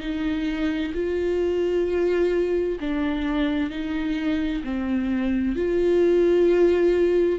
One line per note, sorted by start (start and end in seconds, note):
0.00 0.92 D#4
0.94 2.78 F4
2.80 3.70 D4
3.70 4.62 D#4
4.64 5.56 C4
5.56 7.39 F4